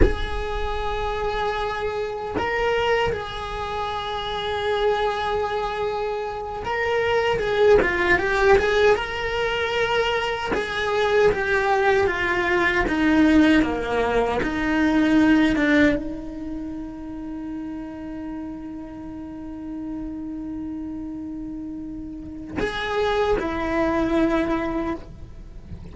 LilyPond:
\new Staff \with { instrumentName = "cello" } { \time 4/4 \tempo 4 = 77 gis'2. ais'4 | gis'1~ | gis'8 ais'4 gis'8 f'8 g'8 gis'8 ais'8~ | ais'4. gis'4 g'4 f'8~ |
f'8 dis'4 ais4 dis'4. | d'8 dis'2.~ dis'8~ | dis'1~ | dis'4 gis'4 e'2 | }